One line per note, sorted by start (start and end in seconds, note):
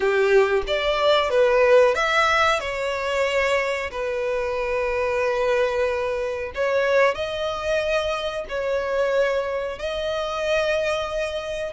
0.00 0.63 G4
0.67 1.30 D5
1.30 1.94 B4
1.94 2.60 E5
2.60 3.90 C#5
3.91 6.52 B4
6.54 7.14 C#5
7.14 8.45 D#5
8.48 9.79 C#5
9.79 11.73 D#5